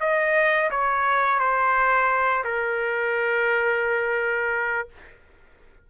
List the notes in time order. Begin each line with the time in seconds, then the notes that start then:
0.00 D#5
0.70 C#5
1.39 C5
2.44 A#4